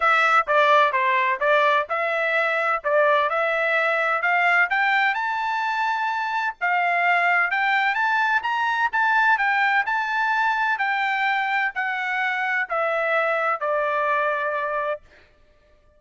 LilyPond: \new Staff \with { instrumentName = "trumpet" } { \time 4/4 \tempo 4 = 128 e''4 d''4 c''4 d''4 | e''2 d''4 e''4~ | e''4 f''4 g''4 a''4~ | a''2 f''2 |
g''4 a''4 ais''4 a''4 | g''4 a''2 g''4~ | g''4 fis''2 e''4~ | e''4 d''2. | }